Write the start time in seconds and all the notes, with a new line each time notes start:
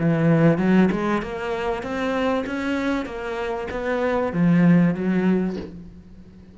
0.00 E3
0.58 F#3
0.92 G#3
1.22 A#3
1.83 C4
2.47 C#4
3.06 A#3
3.71 B3
4.33 F3
4.95 F#3